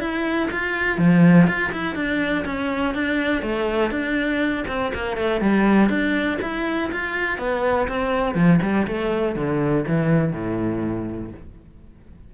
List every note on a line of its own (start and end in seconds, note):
0.00 0.49 E4
0.51 0.98 F4
0.98 1.47 F3
1.47 1.71 F4
1.72 1.95 E4
1.95 2.44 D4
2.45 2.94 C#4
2.94 3.42 D4
3.42 3.91 A3
3.91 4.65 D4
4.67 4.92 C4
4.94 5.17 A#3
5.17 5.41 A3
5.41 5.89 G3
5.89 6.38 D4
6.42 6.91 E4
6.92 7.38 F4
7.38 7.88 B3
7.88 8.35 C4
8.35 8.59 F3
8.62 8.87 G3
8.87 9.36 A3
9.36 9.85 D3
9.88 10.33 E3
10.33 11.31 A2